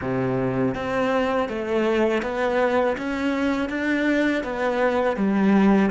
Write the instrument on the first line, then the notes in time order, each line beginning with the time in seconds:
cello
0.01 C3
0.74 C4
1.48 A3
2.22 B3
2.97 C#4
3.69 D4
4.43 B3
5.16 G3